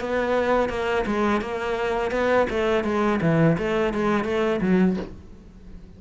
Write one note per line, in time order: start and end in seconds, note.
0.00 0.69 B3
0.69 1.05 A#3
1.06 1.41 G#3
1.41 2.11 A#3
2.11 2.46 B3
2.49 2.84 A3
2.84 3.19 G#3
3.21 3.56 E3
3.58 3.93 A3
3.93 4.24 G#3
4.24 4.60 A3
4.61 4.96 F#3